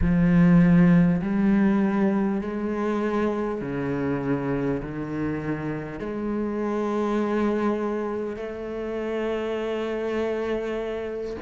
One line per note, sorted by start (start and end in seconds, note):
0.01 1.21 F3
1.21 2.41 G3
2.41 3.61 G#3
3.61 4.81 C#3
4.82 5.99 D#3
5.99 8.36 G#3
8.36 11.36 A3